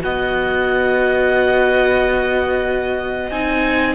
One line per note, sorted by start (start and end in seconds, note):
0.00 3.30 B3
0.00 3.30 F#4
0.00 3.95 D#5
0.00 3.31 F#5
3.30 3.95 C4
3.30 3.95 D#4
3.30 3.95 G#5